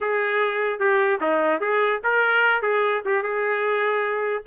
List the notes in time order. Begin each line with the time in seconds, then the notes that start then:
0.01 G#4
0.79 G4
1.20 D#4
1.60 G#4
2.03 A#4
2.62 G#4
3.05 G4
3.23 G#4